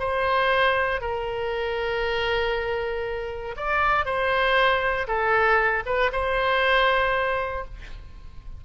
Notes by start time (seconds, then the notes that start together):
0.00 C5
1.01 A#4
3.57 D5
4.06 C5
5.08 A4
5.86 B4
6.13 C5